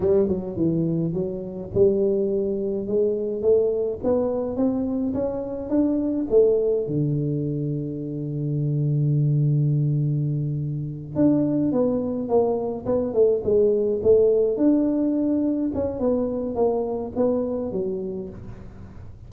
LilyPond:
\new Staff \with { instrumentName = "tuba" } { \time 4/4 \tempo 4 = 105 g8 fis8 e4 fis4 g4~ | g4 gis4 a4 b4 | c'4 cis'4 d'4 a4 | d1~ |
d2.~ d8 d'8~ | d'8 b4 ais4 b8 a8 gis8~ | gis8 a4 d'2 cis'8 | b4 ais4 b4 fis4 | }